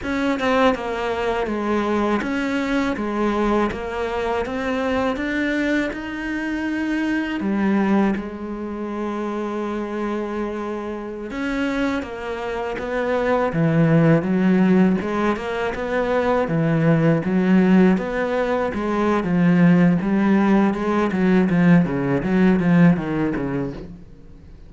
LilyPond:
\new Staff \with { instrumentName = "cello" } { \time 4/4 \tempo 4 = 81 cis'8 c'8 ais4 gis4 cis'4 | gis4 ais4 c'4 d'4 | dis'2 g4 gis4~ | gis2.~ gis16 cis'8.~ |
cis'16 ais4 b4 e4 fis8.~ | fis16 gis8 ais8 b4 e4 fis8.~ | fis16 b4 gis8. f4 g4 | gis8 fis8 f8 cis8 fis8 f8 dis8 cis8 | }